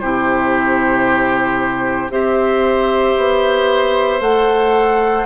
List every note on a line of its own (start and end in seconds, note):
0.00 2.10 C3
0.00 2.11 E4
0.00 2.12 G4
0.00 2.11 C5
2.10 3.15 C4
2.10 4.21 G4
2.10 5.26 C5
2.10 4.22 E5
3.18 4.21 B3
4.21 5.26 A3
4.21 5.26 A4
4.21 5.26 F#5